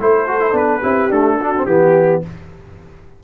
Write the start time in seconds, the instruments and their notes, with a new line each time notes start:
0.00 tuba A3, trombone E4, horn A4, trumpet C5
0.27 trombone F#4
0.41 trombone E4
0.52 tuba B3, trombone D4, trumpet B4
0.82 tuba C4, trombone E4, horn G4
1.10 trombone A3, tuba D4, trumpet A4
1.40 trombone D4, horn F#4
1.57 trombone C4
1.66 tuba E3, trombone B3, trumpet G4, horn G4